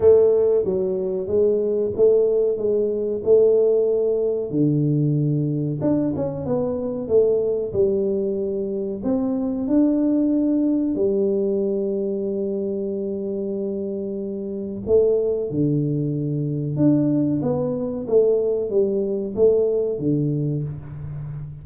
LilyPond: \new Staff \with { instrumentName = "tuba" } { \time 4/4 \tempo 4 = 93 a4 fis4 gis4 a4 | gis4 a2 d4~ | d4 d'8 cis'8 b4 a4 | g2 c'4 d'4~ |
d'4 g2.~ | g2. a4 | d2 d'4 b4 | a4 g4 a4 d4 | }